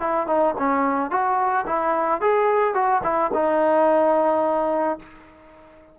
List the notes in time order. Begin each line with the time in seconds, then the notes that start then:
0.00 E4
0.27 D#4
0.59 C#4
1.11 F#4
1.67 E4
2.21 G#4
2.74 F#4
3.04 E4
3.34 D#4